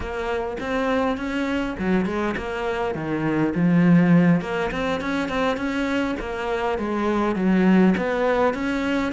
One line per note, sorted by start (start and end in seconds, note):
0.00 0.57 A#3
0.59 1.17 C4
1.17 1.76 C#4
1.78 2.05 F#3
2.05 2.35 G#3
2.37 2.94 A#3
2.94 3.53 D#3
3.55 4.41 F3
4.41 4.70 A#3
4.71 5.00 C4
5.00 5.28 C#4
5.28 5.56 C4
5.56 6.15 C#4
6.19 6.78 A#3
6.78 7.35 G#3
7.35 7.94 F#3
7.97 8.53 B3
8.53 9.12 C#4